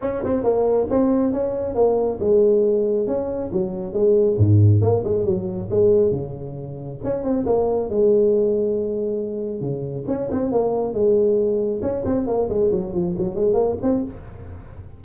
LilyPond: \new Staff \with { instrumentName = "tuba" } { \time 4/4 \tempo 4 = 137 cis'8 c'8 ais4 c'4 cis'4 | ais4 gis2 cis'4 | fis4 gis4 gis,4 ais8 gis8 | fis4 gis4 cis2 |
cis'8 c'8 ais4 gis2~ | gis2 cis4 cis'8 c'8 | ais4 gis2 cis'8 c'8 | ais8 gis8 fis8 f8 fis8 gis8 ais8 c'8 | }